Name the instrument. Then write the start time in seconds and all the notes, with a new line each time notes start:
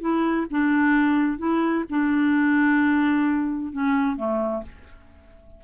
clarinet
0.00 E4
0.50 D4
1.38 E4
1.89 D4
3.72 C#4
4.16 A3